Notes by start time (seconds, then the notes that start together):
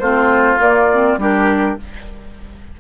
0.00 A3 C4 F4 C5
0.58 A#3 D5
0.93 C4
1.18 G3 D4 G4 A#4